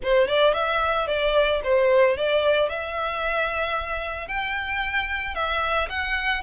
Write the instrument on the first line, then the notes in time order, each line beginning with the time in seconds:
violin
0.02 C5
0.27 D5
0.53 E5
1.07 D5
1.63 C5
2.17 D5
2.69 E5
4.28 G5
5.34 E5
5.89 F#5